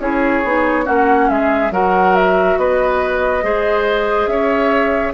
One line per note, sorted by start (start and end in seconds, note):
0.00 0.43 C#4
0.00 0.44 E4
0.00 0.86 G#4
0.00 0.87 C#5
0.45 0.87 B3
0.45 0.85 D#4
0.85 1.30 A#3
0.85 1.71 C#4
0.85 1.28 F#4
0.85 1.29 F#5
1.29 1.71 G#3
1.29 1.73 G#4
1.29 1.72 E5
1.71 2.57 F#3
1.71 3.43 F#4
1.71 2.59 A#4
1.71 2.16 F#5
2.16 2.59 E5
2.58 3.43 B3
2.58 3.45 B4
2.58 4.27 D#5
3.43 4.27 G#3
3.43 5.14 G#4
3.43 4.30 C5
4.27 5.13 C#4
4.27 5.14 C#5
4.27 5.13 E5